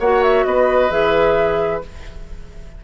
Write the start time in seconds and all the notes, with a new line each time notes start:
0.00 A#3 F#4 C#5 F#5
0.24 E5
0.45 B3 B4 D#5
0.90 E3 G#4 E5